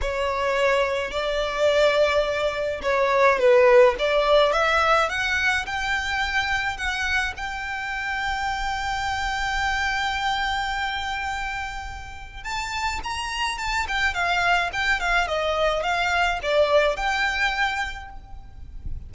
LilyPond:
\new Staff \with { instrumentName = "violin" } { \time 4/4 \tempo 4 = 106 cis''2 d''2~ | d''4 cis''4 b'4 d''4 | e''4 fis''4 g''2 | fis''4 g''2.~ |
g''1~ | g''2 a''4 ais''4 | a''8 g''8 f''4 g''8 f''8 dis''4 | f''4 d''4 g''2 | }